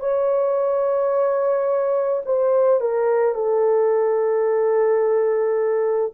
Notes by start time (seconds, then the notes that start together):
0.00 C#5
2.25 C5
2.81 A#4
3.35 A4